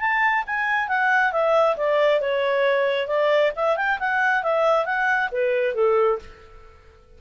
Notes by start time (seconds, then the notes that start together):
0.00 A5
0.47 G#5
0.88 F#5
1.33 E5
1.77 D5
2.21 C#5
3.08 D5
3.56 E5
3.77 G5
4.00 F#5
4.43 E5
4.85 F#5
5.31 B4
5.75 A4